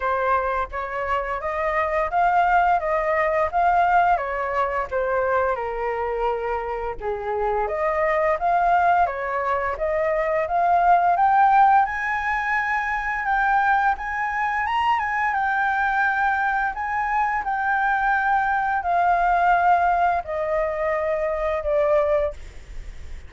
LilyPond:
\new Staff \with { instrumentName = "flute" } { \time 4/4 \tempo 4 = 86 c''4 cis''4 dis''4 f''4 | dis''4 f''4 cis''4 c''4 | ais'2 gis'4 dis''4 | f''4 cis''4 dis''4 f''4 |
g''4 gis''2 g''4 | gis''4 ais''8 gis''8 g''2 | gis''4 g''2 f''4~ | f''4 dis''2 d''4 | }